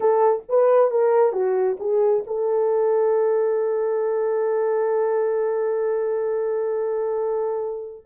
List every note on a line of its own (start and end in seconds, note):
0.00 0.43 A4
0.48 0.90 B4
0.90 1.32 A#4
1.32 1.77 F#4
1.79 2.24 G#4
2.26 8.05 A4